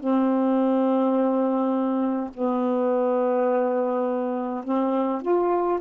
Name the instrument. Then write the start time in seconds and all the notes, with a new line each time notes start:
saxophone
0.00 C4
2.34 B3
4.65 C4
5.22 F4